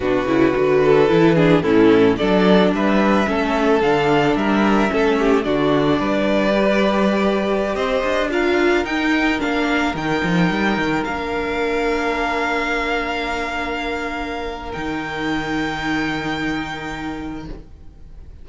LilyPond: <<
  \new Staff \with { instrumentName = "violin" } { \time 4/4 \tempo 4 = 110 b'2. a'4 | d''4 e''2 f''4 | e''2 d''2~ | d''2~ d''16 dis''4 f''8.~ |
f''16 g''4 f''4 g''4.~ g''16~ | g''16 f''2.~ f''8.~ | f''2. g''4~ | g''1 | }
  \new Staff \with { instrumentName = "violin" } { \time 4/4 fis'4. a'4 gis'8 e'4 | a'4 b'4 a'2 | ais'4 a'8 g'8 fis'4 b'4~ | b'2~ b'16 c''4 ais'8.~ |
ais'1~ | ais'1~ | ais'1~ | ais'1 | }
  \new Staff \with { instrumentName = "viola" } { \time 4/4 d'8 e'8 fis'4 e'8 d'8 cis'4 | d'2 cis'4 d'4~ | d'4 cis'4 d'2 | g'2.~ g'16 f'8.~ |
f'16 dis'4 d'4 dis'4.~ dis'16~ | dis'16 d'2.~ d'8.~ | d'2. dis'4~ | dis'1 | }
  \new Staff \with { instrumentName = "cello" } { \time 4/4 b,8 cis8 d4 e4 a,4 | fis4 g4 a4 d4 | g4 a4 d4 g4~ | g2~ g16 c'8 d'4~ d'16~ |
d'16 dis'4 ais4 dis8 f8 g8 dis16~ | dis16 ais2.~ ais8.~ | ais2. dis4~ | dis1 | }
>>